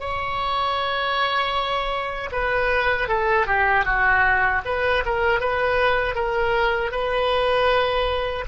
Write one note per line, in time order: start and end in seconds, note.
0.00 2.31 C#5
2.32 3.08 B4
3.08 3.47 A4
3.47 3.85 G4
3.85 4.62 F#4
4.65 5.04 B4
5.06 5.40 A#4
5.40 6.15 B4
6.15 6.92 A#4
6.92 8.45 B4